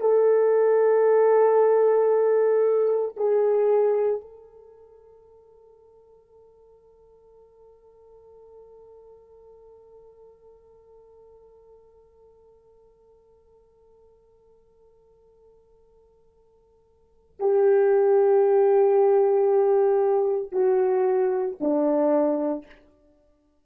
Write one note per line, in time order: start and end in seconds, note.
0.00 3.16 A4
3.16 4.21 G#4
4.21 17.36 A4
17.39 20.52 G4
20.52 21.57 F#4
21.60 22.66 D4